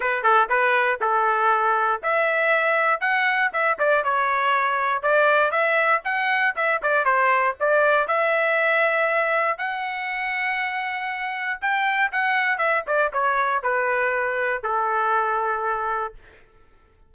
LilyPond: \new Staff \with { instrumentName = "trumpet" } { \time 4/4 \tempo 4 = 119 b'8 a'8 b'4 a'2 | e''2 fis''4 e''8 d''8 | cis''2 d''4 e''4 | fis''4 e''8 d''8 c''4 d''4 |
e''2. fis''4~ | fis''2. g''4 | fis''4 e''8 d''8 cis''4 b'4~ | b'4 a'2. | }